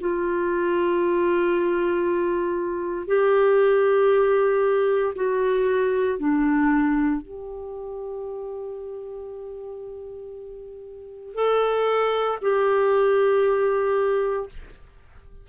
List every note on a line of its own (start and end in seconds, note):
0.00 3.07 F4
3.07 5.14 G4
5.15 6.19 F#4
6.19 7.22 D4
7.22 11.35 G4
11.35 12.39 A4
12.42 14.49 G4